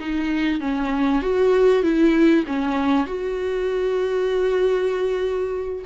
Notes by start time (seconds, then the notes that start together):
0.00 D#4
0.60 C#4
1.22 F#4
1.83 E4
2.47 C#4
3.06 F#4